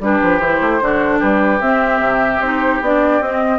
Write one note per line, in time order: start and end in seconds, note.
0.00 0.20 G3
0.00 0.41 D4
0.00 0.84 G4
0.00 0.39 B4
0.23 0.40 F3
0.39 0.60 E3
0.39 0.81 E4
0.39 1.19 C5
0.61 0.81 A3
0.81 1.22 D3
0.81 1.61 D4
0.81 1.19 F#4
1.19 1.61 G3
1.19 3.59 G4
1.19 1.61 B4
1.61 2.00 C4
1.61 2.42 C4
1.61 2.41 E5
2.00 2.40 C3
2.40 2.80 C4
2.40 2.83 D#4
2.40 2.81 C5
2.81 3.20 B3
2.81 3.23 D4
2.81 3.23 D5
3.20 3.59 C4
3.20 3.59 D#5